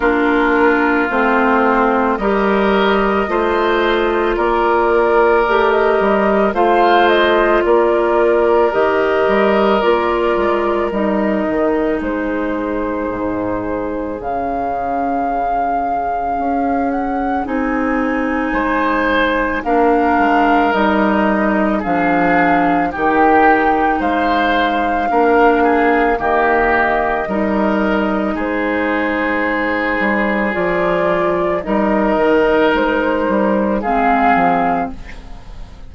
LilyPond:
<<
  \new Staff \with { instrumentName = "flute" } { \time 4/4 \tempo 4 = 55 ais'4 c''4 dis''2 | d''4~ d''16 dis''8. f''8 dis''8 d''4 | dis''4 d''4 dis''4 c''4~ | c''4 f''2~ f''8 fis''8 |
gis''2 f''4 dis''4 | f''4 g''4 f''2 | dis''2 c''2 | d''4 dis''4 c''4 f''4 | }
  \new Staff \with { instrumentName = "oboe" } { \time 4/4 f'2 ais'4 c''4 | ais'2 c''4 ais'4~ | ais'2. gis'4~ | gis'1~ |
gis'4 c''4 ais'2 | gis'4 g'4 c''4 ais'8 gis'8 | g'4 ais'4 gis'2~ | gis'4 ais'2 gis'4 | }
  \new Staff \with { instrumentName = "clarinet" } { \time 4/4 d'4 c'4 g'4 f'4~ | f'4 g'4 f'2 | g'4 f'4 dis'2~ | dis'4 cis'2. |
dis'2 d'4 dis'4 | d'4 dis'2 d'4 | ais4 dis'2. | f'4 dis'2 c'4 | }
  \new Staff \with { instrumentName = "bassoon" } { \time 4/4 ais4 a4 g4 a4 | ais4 a8 g8 a4 ais4 | dis8 g8 ais8 gis8 g8 dis8 gis4 | gis,4 cis2 cis'4 |
c'4 gis4 ais8 gis8 g4 | f4 dis4 gis4 ais4 | dis4 g4 gis4. g8 | f4 g8 dis8 gis8 g8 gis8 f8 | }
>>